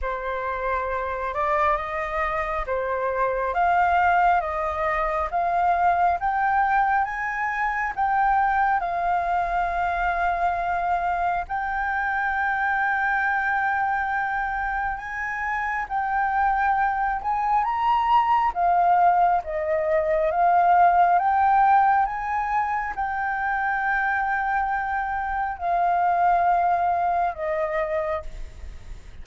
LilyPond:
\new Staff \with { instrumentName = "flute" } { \time 4/4 \tempo 4 = 68 c''4. d''8 dis''4 c''4 | f''4 dis''4 f''4 g''4 | gis''4 g''4 f''2~ | f''4 g''2.~ |
g''4 gis''4 g''4. gis''8 | ais''4 f''4 dis''4 f''4 | g''4 gis''4 g''2~ | g''4 f''2 dis''4 | }